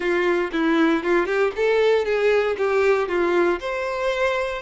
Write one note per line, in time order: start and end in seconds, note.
0.00 0.50 F4
0.52 1.03 E4
1.03 1.26 F4
1.26 1.51 G4
1.55 2.05 A4
2.05 2.56 G#4
2.57 3.08 G4
3.08 3.59 F4
3.60 4.62 C5